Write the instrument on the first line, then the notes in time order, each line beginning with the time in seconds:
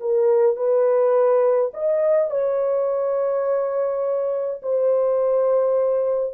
horn
0.00 A#4
0.56 B4
1.73 D#5
2.30 C#5
4.62 C5